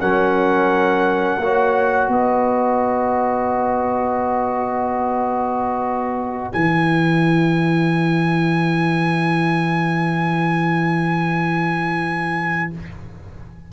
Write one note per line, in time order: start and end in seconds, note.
0.00 1.37 F#3
0.00 1.42 C#4
0.00 1.41 A#4
0.00 2.11 F#5
1.37 2.08 A#3
1.37 6.53 F#4
1.37 2.12 C#5
2.08 6.49 B3
2.08 12.71 B4
2.08 6.52 D#5
6.53 12.72 E3
6.53 12.71 E4
6.53 12.70 G#5